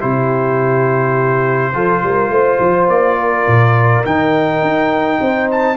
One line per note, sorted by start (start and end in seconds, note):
0.00 1.74 C3
0.00 1.73 E4
0.00 1.74 G4
0.00 2.89 C5
1.73 2.03 F3
1.73 4.04 F4
1.73 2.03 A4
2.03 2.29 G3
2.03 2.31 A#4
2.29 2.58 A3
2.29 3.17 C5
2.59 2.88 F3
2.88 3.46 A#3
2.88 4.04 D5
3.17 5.19 A#4
3.47 4.04 A#2
4.04 4.61 D#3
4.04 5.76 D#4
4.04 5.49 G5
4.61 5.19 D#4
5.21 5.76 C4
5.21 5.76 C5
5.51 5.76 A5